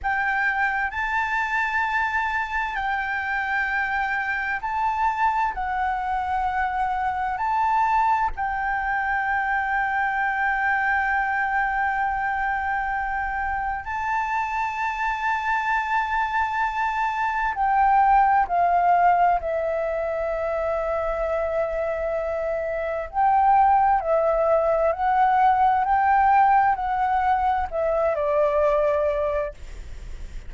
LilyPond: \new Staff \with { instrumentName = "flute" } { \time 4/4 \tempo 4 = 65 g''4 a''2 g''4~ | g''4 a''4 fis''2 | a''4 g''2.~ | g''2. a''4~ |
a''2. g''4 | f''4 e''2.~ | e''4 g''4 e''4 fis''4 | g''4 fis''4 e''8 d''4. | }